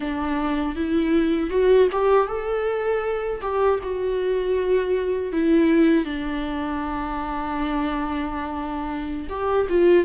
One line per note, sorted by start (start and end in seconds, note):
0.00 0.75 D4
0.75 1.50 E4
1.50 1.88 F#4
1.92 2.27 G4
2.27 3.41 A4
3.41 3.79 G4
3.82 5.32 F#4
5.32 6.04 E4
6.04 9.27 D4
9.29 9.67 G4
9.69 10.05 F4